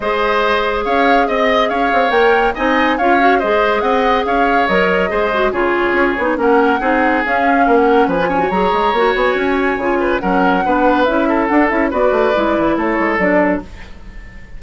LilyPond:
<<
  \new Staff \with { instrumentName = "flute" } { \time 4/4 \tempo 4 = 141 dis''2 f''4 dis''4 | f''4 g''4 gis''4 f''4 | dis''4 fis''4 f''4 dis''4~ | dis''4 cis''2 fis''4~ |
fis''4 f''4~ f''16 fis''8. gis''4 | ais''4. gis''2~ gis''8 | fis''2 e''4 fis''8 e''8 | d''2 cis''4 d''4 | }
  \new Staff \with { instrumentName = "oboe" } { \time 4/4 c''2 cis''4 dis''4 | cis''2 dis''4 cis''4 | c''4 dis''4 cis''2 | c''4 gis'2 ais'4 |
gis'2 ais'4 b'8 cis''8~ | cis''2.~ cis''8 b'8 | ais'4 b'4. a'4. | b'2 a'2 | }
  \new Staff \with { instrumentName = "clarinet" } { \time 4/4 gis'1~ | gis'4 ais'4 dis'4 f'8 fis'8 | gis'2. ais'4 | gis'8 fis'8 f'4. dis'8 cis'4 |
dis'4 cis'2~ cis'16 f'16 cis'16 fis'16 | gis'4 fis'2 f'4 | cis'4 d'4 e'4 d'8 e'8 | fis'4 e'2 d'4 | }
  \new Staff \with { instrumentName = "bassoon" } { \time 4/4 gis2 cis'4 c'4 | cis'8 c'8 ais4 c'4 cis'4 | gis4 c'4 cis'4 fis4 | gis4 cis4 cis'8 b8 ais4 |
c'4 cis'4 ais4 f4 | fis8 gis8 ais8 b8 cis'4 cis4 | fis4 b4 cis'4 d'8 cis'8 | b8 a8 gis8 e8 a8 gis8 fis4 | }
>>